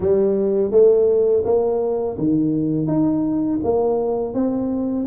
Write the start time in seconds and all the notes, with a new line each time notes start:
0.00 G3
0.71 A3
1.45 A#3
2.18 D#3
2.87 D#4
3.63 A#3
4.33 C4